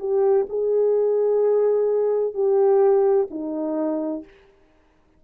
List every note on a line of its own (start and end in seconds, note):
0.00 0.47 G4
0.50 2.34 G#4
2.34 3.28 G4
3.31 4.24 D#4